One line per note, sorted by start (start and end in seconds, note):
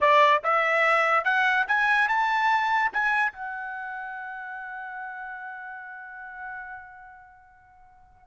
0.00 0.42 D5
0.43 1.24 E5
1.24 1.65 F#5
1.67 2.08 G#5
2.08 2.91 A5
2.92 3.32 G#5
3.32 8.26 F#5